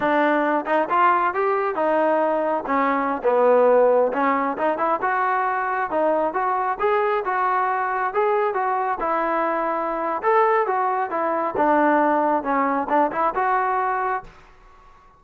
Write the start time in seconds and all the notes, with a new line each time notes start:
0.00 D4
0.66 D#4
0.89 F4
1.34 G4
1.75 D#4
2.66 C#4
3.23 B3
4.12 C#4
4.57 D#4
4.78 E4
5.01 F#4
5.90 D#4
6.33 F#4
6.79 G#4
7.24 F#4
8.13 G#4
8.54 F#4
8.99 E4
10.22 A4
10.66 F#4
11.10 E4
11.56 D4
12.43 C#4
12.89 D4
13.11 E4
13.34 F#4